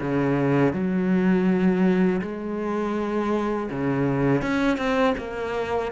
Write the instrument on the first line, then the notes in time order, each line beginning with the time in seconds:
cello
0.00 C#3
0.73 F#3
2.21 G#3
3.70 C#3
4.41 C#4
4.77 C4
5.17 A#3